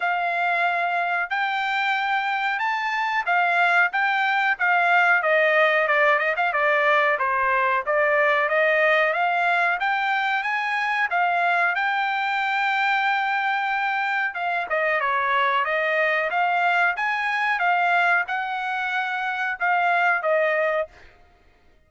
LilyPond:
\new Staff \with { instrumentName = "trumpet" } { \time 4/4 \tempo 4 = 92 f''2 g''2 | a''4 f''4 g''4 f''4 | dis''4 d''8 dis''16 f''16 d''4 c''4 | d''4 dis''4 f''4 g''4 |
gis''4 f''4 g''2~ | g''2 f''8 dis''8 cis''4 | dis''4 f''4 gis''4 f''4 | fis''2 f''4 dis''4 | }